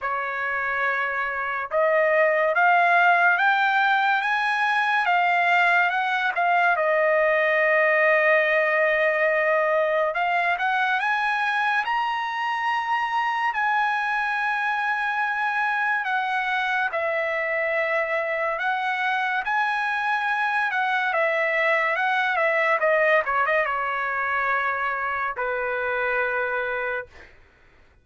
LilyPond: \new Staff \with { instrumentName = "trumpet" } { \time 4/4 \tempo 4 = 71 cis''2 dis''4 f''4 | g''4 gis''4 f''4 fis''8 f''8 | dis''1 | f''8 fis''8 gis''4 ais''2 |
gis''2. fis''4 | e''2 fis''4 gis''4~ | gis''8 fis''8 e''4 fis''8 e''8 dis''8 cis''16 dis''16 | cis''2 b'2 | }